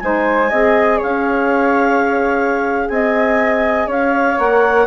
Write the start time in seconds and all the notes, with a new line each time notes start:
0.00 G#3 D#4 C5 G#5
0.50 C4 G#4 D#5
0.97 C#4 C#5 F5
2.89 C4 D#5 G#5
3.87 C#4 C#5 F5
4.37 A#3 A#4 F#5